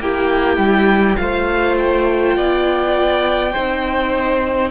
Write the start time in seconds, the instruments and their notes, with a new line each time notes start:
0.00 cello A#3, viola E4, violin G4 G5
0.57 cello G3
1.16 cello A3, viola F4, violin C5 F5
1.77 violin G5
2.36 cello B3, violin D5
3.52 cello C4, viola D#4, violin C5